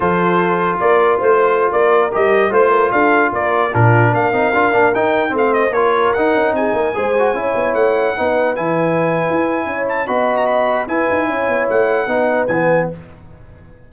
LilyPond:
<<
  \new Staff \with { instrumentName = "trumpet" } { \time 4/4 \tempo 4 = 149 c''2 d''4 c''4~ | c''16 d''4 dis''4 c''4 f''8.~ | f''16 d''4 ais'4 f''4.~ f''16~ | f''16 g''4 f''8 dis''8 cis''4 fis''8.~ |
fis''16 gis''2. fis''8.~ | fis''4~ fis''16 gis''2~ gis''8.~ | gis''8 a''8 b''8. ais''16 b''4 gis''4~ | gis''4 fis''2 gis''4 | }
  \new Staff \with { instrumentName = "horn" } { \time 4/4 a'2 ais'4 c''4~ | c''16 ais'2 c''8 ais'8 a'8.~ | a'16 ais'4 f'4 ais'4.~ ais'16~ | ais'4~ ais'16 c''4 ais'4.~ ais'16~ |
ais'16 gis'8 ais'8 c''4 cis''4.~ cis''16~ | cis''16 b'2.~ b'8. | cis''4 dis''2 b'4 | cis''2 b'2 | }
  \new Staff \with { instrumentName = "trombone" } { \time 4/4 f'1~ | f'4~ f'16 g'4 f'4.~ f'16~ | f'4~ f'16 d'4. dis'8 f'8 d'16~ | d'16 dis'4 c'4 f'4 dis'8.~ |
dis'4~ dis'16 gis'8 fis'8 e'4.~ e'16~ | e'16 dis'4 e'2~ e'8.~ | e'4 fis'2 e'4~ | e'2 dis'4 b4 | }
  \new Staff \with { instrumentName = "tuba" } { \time 4/4 f2 ais4 a4~ | a16 ais4 g4 a4 d'8.~ | d'16 ais4 ais,4 ais8 c'8 d'8 ais16~ | ais16 dis'4 a4 ais4 dis'8 cis'16~ |
cis'16 c'8 ais8 gis4 cis'8 b8 a8.~ | a16 b4 e4.~ e16 e'4 | cis'4 b2 e'8 dis'8 | cis'8 b8 a4 b4 e4 | }
>>